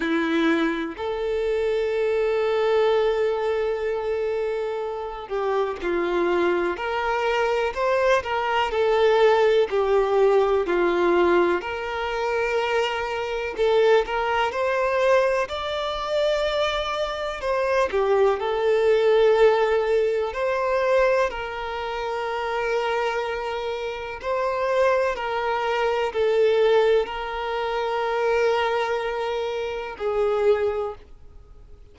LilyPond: \new Staff \with { instrumentName = "violin" } { \time 4/4 \tempo 4 = 62 e'4 a'2.~ | a'4. g'8 f'4 ais'4 | c''8 ais'8 a'4 g'4 f'4 | ais'2 a'8 ais'8 c''4 |
d''2 c''8 g'8 a'4~ | a'4 c''4 ais'2~ | ais'4 c''4 ais'4 a'4 | ais'2. gis'4 | }